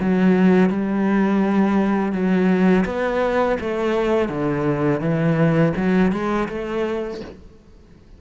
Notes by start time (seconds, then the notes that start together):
0.00 F#3
0.69 G3
2.12 F#3
2.85 B3
3.60 A3
4.29 D3
5.00 E3
5.76 F#3
6.12 G#3
6.48 A3